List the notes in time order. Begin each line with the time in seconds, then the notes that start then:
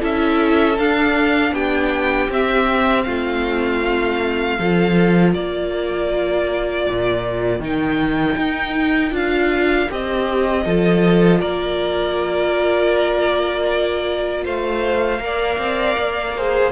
0.00 C#4 E4 A4 E5
0.78 D4 F5
1.52 B3 G4 G5
2.29 C4 E5
3.02 A3 F4 F5
4.59 F3 F4 A4
5.33 A#3 A#4 D5
6.88 A#2
7.59 D#3 D#4 G5
8.37 D#4
9.11 D4 F4 F5
9.90 C4 G4 D#5
10.65 F3 F4 A4
11.40 A#3 A#4 D5
14.45 A3 C5 F5
15.18 A#3 A#4
15.25 D5
15.58 C4
15.97 A#3
16.37 G#4 C5